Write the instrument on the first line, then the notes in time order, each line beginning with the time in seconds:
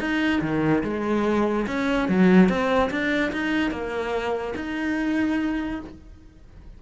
cello
0.00 D#4
0.42 D#3
0.84 G#3
1.67 C#4
2.09 F#3
2.49 C4
2.91 D4
3.33 D#4
3.71 A#3
4.56 D#4